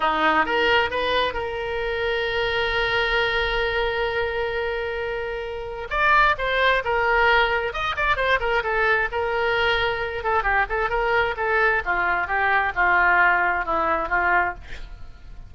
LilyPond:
\new Staff \with { instrumentName = "oboe" } { \time 4/4 \tempo 4 = 132 dis'4 ais'4 b'4 ais'4~ | ais'1~ | ais'1~ | ais'4 d''4 c''4 ais'4~ |
ais'4 dis''8 d''8 c''8 ais'8 a'4 | ais'2~ ais'8 a'8 g'8 a'8 | ais'4 a'4 f'4 g'4 | f'2 e'4 f'4 | }